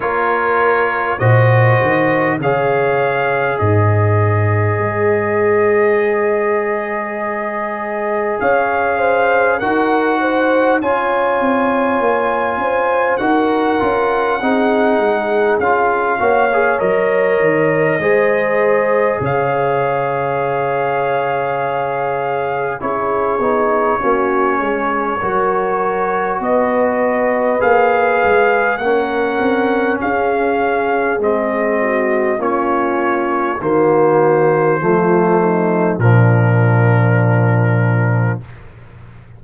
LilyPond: <<
  \new Staff \with { instrumentName = "trumpet" } { \time 4/4 \tempo 4 = 50 cis''4 dis''4 f''4 dis''4~ | dis''2. f''4 | fis''4 gis''2 fis''4~ | fis''4 f''4 dis''2 |
f''2. cis''4~ | cis''2 dis''4 f''4 | fis''4 f''4 dis''4 cis''4 | c''2 ais'2 | }
  \new Staff \with { instrumentName = "horn" } { \time 4/4 ais'4 c''4 cis''4 c''4~ | c''2. cis''8 c''8 | ais'8 c''8 cis''4. c''8 ais'4 | gis'4. cis''4. c''4 |
cis''2. gis'4 | fis'8 gis'8 ais'4 b'2 | ais'4 gis'4. fis'8 f'4 | fis'4 f'8 dis'8 d'2 | }
  \new Staff \with { instrumentName = "trombone" } { \time 4/4 f'4 fis'4 gis'2~ | gis'1 | fis'4 f'2 fis'8 f'8 | dis'4 f'8 fis'16 gis'16 ais'4 gis'4~ |
gis'2. e'8 dis'8 | cis'4 fis'2 gis'4 | cis'2 c'4 cis'4 | ais4 a4 f2 | }
  \new Staff \with { instrumentName = "tuba" } { \time 4/4 ais4 ais,8 dis8 cis4 gis,4 | gis2. cis'4 | dis'4 cis'8 c'8 ais8 cis'8 dis'8 cis'8 | c'8 gis8 cis'8 ais8 fis8 dis8 gis4 |
cis2. cis'8 b8 | ais8 gis8 fis4 b4 ais8 gis8 | ais8 c'8 cis'4 gis4 ais4 | dis4 f4 ais,2 | }
>>